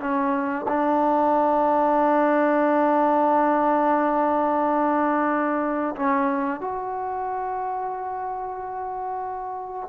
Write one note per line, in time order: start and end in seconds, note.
0.00 0.66 C#4
0.68 5.95 D4
5.96 6.61 C#4
6.61 9.89 F#4